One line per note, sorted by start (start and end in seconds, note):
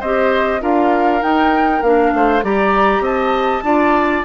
0.00 0.62 C4
0.00 0.60 G4
0.00 0.61 C5
0.00 0.62 D#5
0.60 1.22 D4
0.60 1.21 F4
0.60 2.13 A#4
0.60 1.22 F5
1.21 1.81 D#4
1.21 1.82 D#4
1.21 1.82 G5
1.82 2.12 A#3
1.82 2.43 D4
1.82 2.43 F5
2.14 2.43 A3
2.14 2.44 C5
2.43 3.00 G3
2.43 3.64 G4
2.43 3.03 D5
2.43 3.05 A#5
3.00 3.61 C4
3.00 3.63 D#5
3.00 4.24 A5
3.63 4.24 D4
3.63 4.24 F4
3.63 4.24 D5